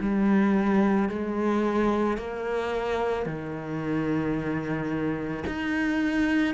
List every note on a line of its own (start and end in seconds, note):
0.00 1.09 G3
1.09 2.17 G#3
2.17 3.25 A#3
3.25 5.43 D#3
5.46 6.54 D#4